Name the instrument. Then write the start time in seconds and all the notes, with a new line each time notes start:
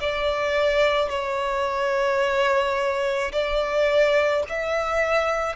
violin
0.00 D5
1.10 C#5
3.32 D5
4.49 E5